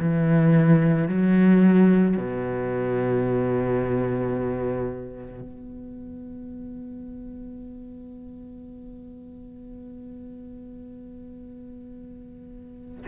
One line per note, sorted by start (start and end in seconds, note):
0.00 1.08 E3
1.08 2.17 F#3
2.17 5.41 B2
5.41 13.05 B3